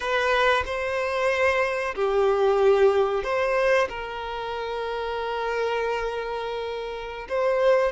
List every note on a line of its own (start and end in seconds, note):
0.00 0.63 B4
0.65 1.94 C5
1.95 3.23 G4
3.23 3.88 C5
3.89 7.27 A#4
7.28 7.91 C5